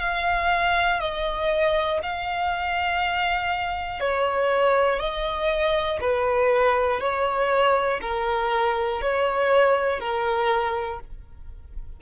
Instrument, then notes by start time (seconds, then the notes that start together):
violin
0.00 F5
1.00 D#5
2.03 F5
4.01 C#5
5.00 D#5
6.01 B4
7.00 C#5
8.02 A#4
9.02 C#5
10.00 A#4